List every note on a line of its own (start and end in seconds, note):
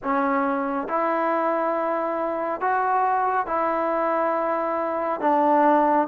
0.03 0.87 C#4
0.87 2.60 E4
2.60 3.46 F#4
3.46 5.20 E4
5.20 6.07 D4